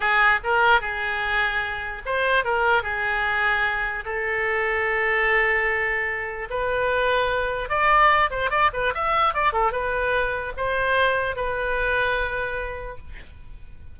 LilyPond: \new Staff \with { instrumentName = "oboe" } { \time 4/4 \tempo 4 = 148 gis'4 ais'4 gis'2~ | gis'4 c''4 ais'4 gis'4~ | gis'2 a'2~ | a'1 |
b'2. d''4~ | d''8 c''8 d''8 b'8 e''4 d''8 a'8 | b'2 c''2 | b'1 | }